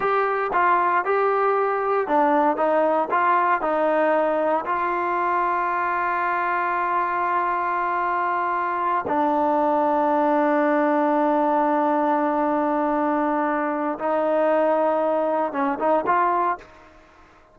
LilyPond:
\new Staff \with { instrumentName = "trombone" } { \time 4/4 \tempo 4 = 116 g'4 f'4 g'2 | d'4 dis'4 f'4 dis'4~ | dis'4 f'2.~ | f'1~ |
f'4. d'2~ d'8~ | d'1~ | d'2. dis'4~ | dis'2 cis'8 dis'8 f'4 | }